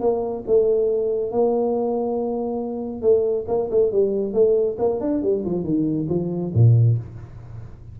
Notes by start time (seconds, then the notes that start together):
0.00 A#3
0.47 A3
1.31 A#3
3.02 A3
3.48 A#3
3.71 A3
3.92 G3
4.33 A3
4.79 A#3
5.01 D4
5.23 G3
5.45 F3
5.64 D#3
6.09 F3
6.54 A#2